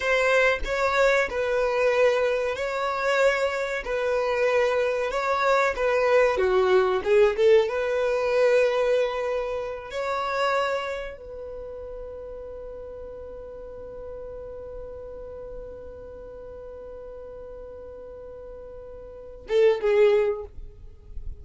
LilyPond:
\new Staff \with { instrumentName = "violin" } { \time 4/4 \tempo 4 = 94 c''4 cis''4 b'2 | cis''2 b'2 | cis''4 b'4 fis'4 gis'8 a'8 | b'2.~ b'8 cis''8~ |
cis''4. b'2~ b'8~ | b'1~ | b'1~ | b'2~ b'8 a'8 gis'4 | }